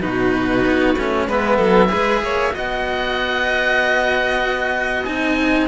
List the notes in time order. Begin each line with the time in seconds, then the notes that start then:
0.00 B2 D#4 F#4 B4
0.65 B3
0.97 A3 C#4
1.27 G#3 B3 B4 E5
1.56 F#3 A4
1.88 G#3 G#4 B4
2.22 A#3 C#5
2.52 B3 F#4 D#5 F#5
5.05 C4 D#4 G#5